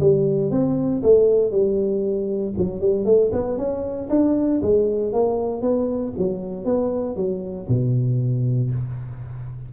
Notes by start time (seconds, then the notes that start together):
0.00 G3
0.51 C4
1.03 A3
1.51 G3
2.58 F#3
2.80 G3
3.05 A3
3.32 B3
3.58 C#4
4.10 D4
4.62 G#3
5.13 A#3
5.62 B3
6.18 F#3
6.65 B3
7.16 F#3
7.68 B2